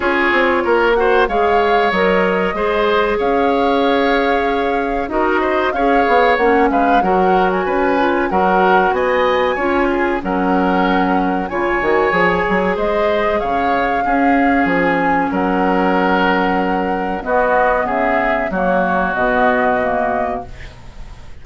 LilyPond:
<<
  \new Staff \with { instrumentName = "flute" } { \time 4/4 \tempo 4 = 94 cis''4. fis''8 f''4 dis''4~ | dis''4 f''2. | dis''4 f''4 fis''8 f''8 fis''8. gis''16~ | gis''4 fis''4 gis''2 |
fis''2 gis''2 | dis''4 f''2 gis''4 | fis''2. dis''4 | e''4 cis''4 dis''2 | }
  \new Staff \with { instrumentName = "oboe" } { \time 4/4 gis'4 ais'8 c''8 cis''2 | c''4 cis''2. | ais'8 c''8 cis''4. b'8 ais'4 | b'4 ais'4 dis''4 cis''8 gis'8 |
ais'2 cis''2 | c''4 cis''4 gis'2 | ais'2. fis'4 | gis'4 fis'2. | }
  \new Staff \with { instrumentName = "clarinet" } { \time 4/4 f'4. fis'8 gis'4 ais'4 | gis'1 | fis'4 gis'4 cis'4 fis'4~ | fis'8 f'8 fis'2 f'4 |
cis'2 f'8 fis'8 gis'4~ | gis'2 cis'2~ | cis'2. b4~ | b4 ais4 b4 ais4 | }
  \new Staff \with { instrumentName = "bassoon" } { \time 4/4 cis'8 c'8 ais4 gis4 fis4 | gis4 cis'2. | dis'4 cis'8 b8 ais8 gis8 fis4 | cis'4 fis4 b4 cis'4 |
fis2 cis8 dis8 f8 fis8 | gis4 cis4 cis'4 f4 | fis2. b4 | cis4 fis4 b,2 | }
>>